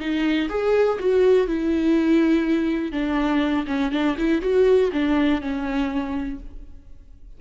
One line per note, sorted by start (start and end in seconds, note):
0.00 0.49 D#4
0.50 0.99 G#4
1.00 1.48 F#4
1.48 2.92 E4
2.92 3.66 D4
3.68 3.92 C#4
3.92 4.17 D4
4.18 4.42 E4
4.42 4.91 F#4
4.93 5.42 D4
5.42 6.40 C#4